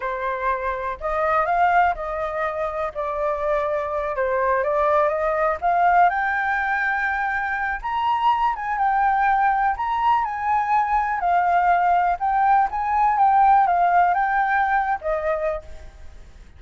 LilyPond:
\new Staff \with { instrumentName = "flute" } { \time 4/4 \tempo 4 = 123 c''2 dis''4 f''4 | dis''2 d''2~ | d''8 c''4 d''4 dis''4 f''8~ | f''8 g''2.~ g''8 |
ais''4. gis''8 g''2 | ais''4 gis''2 f''4~ | f''4 g''4 gis''4 g''4 | f''4 g''4.~ g''16 dis''4~ dis''16 | }